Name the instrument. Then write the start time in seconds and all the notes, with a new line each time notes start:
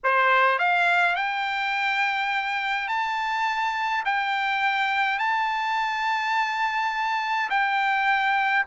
trumpet
0.03 C5
0.58 F5
1.15 G5
2.88 A5
4.05 G5
5.18 A5
7.50 G5